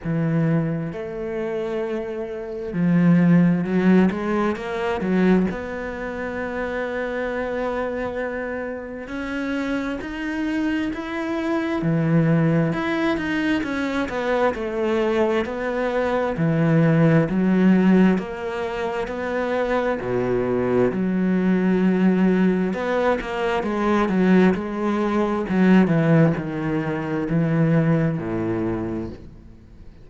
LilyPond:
\new Staff \with { instrumentName = "cello" } { \time 4/4 \tempo 4 = 66 e4 a2 f4 | fis8 gis8 ais8 fis8 b2~ | b2 cis'4 dis'4 | e'4 e4 e'8 dis'8 cis'8 b8 |
a4 b4 e4 fis4 | ais4 b4 b,4 fis4~ | fis4 b8 ais8 gis8 fis8 gis4 | fis8 e8 dis4 e4 a,4 | }